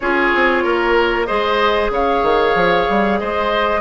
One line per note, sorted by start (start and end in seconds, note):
0.00 0.33 C#4
0.00 1.27 F4
0.00 0.63 G#4
0.00 1.25 C#5
0.35 0.64 C4
0.63 1.28 A#3
0.63 1.26 A#4
1.25 1.90 G#3
1.25 3.80 G#4
1.25 1.90 C5
1.25 1.89 D#5
1.90 2.22 C#3
1.90 3.20 C#5
1.90 3.19 F5
2.22 2.54 D#3
2.54 2.86 F3
2.89 3.21 G3
3.19 3.80 G#3
3.19 3.80 C5
3.19 3.80 D#5